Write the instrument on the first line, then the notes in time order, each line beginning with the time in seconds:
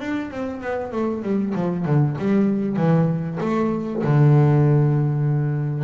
double bass
0.00 D4
0.31 C4
0.61 B3
0.92 A3
1.23 G3
1.55 F3
1.86 D3
2.18 G3
2.76 E3
3.41 A3
4.04 D3